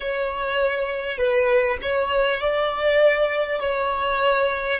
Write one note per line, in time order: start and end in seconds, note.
0.00 1.17 C#5
1.17 1.77 B4
1.82 2.41 C#5
2.41 3.60 D5
3.60 4.79 C#5